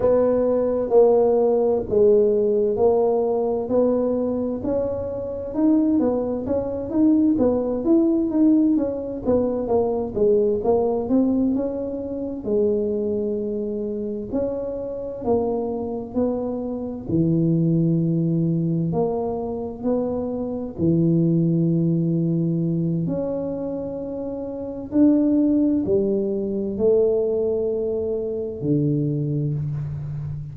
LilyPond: \new Staff \with { instrumentName = "tuba" } { \time 4/4 \tempo 4 = 65 b4 ais4 gis4 ais4 | b4 cis'4 dis'8 b8 cis'8 dis'8 | b8 e'8 dis'8 cis'8 b8 ais8 gis8 ais8 | c'8 cis'4 gis2 cis'8~ |
cis'8 ais4 b4 e4.~ | e8 ais4 b4 e4.~ | e4 cis'2 d'4 | g4 a2 d4 | }